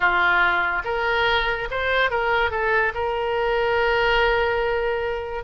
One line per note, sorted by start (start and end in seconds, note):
0.00 0.82 F4
0.84 1.68 A#4
1.70 2.10 C5
2.10 2.51 A#4
2.51 2.93 A4
2.94 5.44 A#4